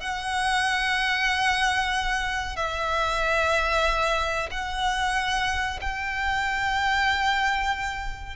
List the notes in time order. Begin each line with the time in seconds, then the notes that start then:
0.00 F#5
2.56 E5
4.51 F#5
5.81 G5